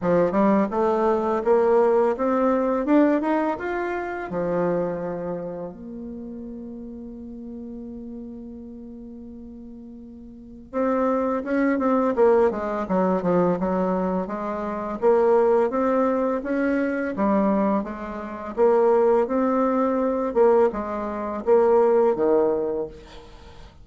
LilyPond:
\new Staff \with { instrumentName = "bassoon" } { \time 4/4 \tempo 4 = 84 f8 g8 a4 ais4 c'4 | d'8 dis'8 f'4 f2 | ais1~ | ais2. c'4 |
cis'8 c'8 ais8 gis8 fis8 f8 fis4 | gis4 ais4 c'4 cis'4 | g4 gis4 ais4 c'4~ | c'8 ais8 gis4 ais4 dis4 | }